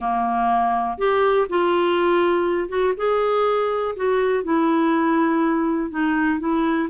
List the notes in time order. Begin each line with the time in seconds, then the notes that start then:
0.00 A#3
0.97 G4
1.49 F4
2.68 F#4
2.96 G#4
3.95 F#4
4.43 E4
5.90 D#4
6.39 E4